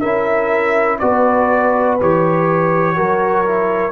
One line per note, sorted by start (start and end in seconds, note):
0.00 1.01 C#4
0.00 1.01 E4
0.00 0.99 A#4
0.00 0.98 E5
0.99 2.01 B3
0.99 2.00 F#4
0.99 2.96 B4
0.99 1.98 D5
2.01 2.99 E3
2.01 2.96 G4
2.01 3.92 C#5
2.96 3.92 F#3
2.96 3.45 F#4
2.96 3.92 A#4
3.45 3.92 E4